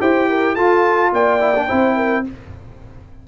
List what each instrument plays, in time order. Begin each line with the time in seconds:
0.00 tuba E4, trombone G4, horn C5, trumpet G5
0.29 horn A#4
0.54 tuba F4, trombone F4, horn A4, trumpet A5
1.12 tuba A#3, horn D5, trumpet G5
1.40 trombone E4
1.55 trombone D4
1.67 tuba C4, trombone E4, horn C5
1.96 horn A#4